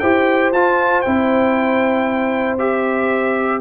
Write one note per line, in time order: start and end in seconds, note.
0.00 0.52 E4
0.00 0.54 G4
0.00 3.62 C5
0.00 0.52 G5
0.52 1.04 F4
0.52 1.06 F4
0.52 1.02 A5
1.02 3.62 C4
1.02 2.59 E4
1.02 2.57 G5
2.59 3.62 G4
2.59 3.62 E5